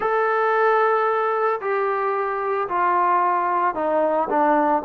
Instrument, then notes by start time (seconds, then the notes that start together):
trombone
0.00 A4
1.60 G4
2.68 F4
3.75 D#4
4.29 D4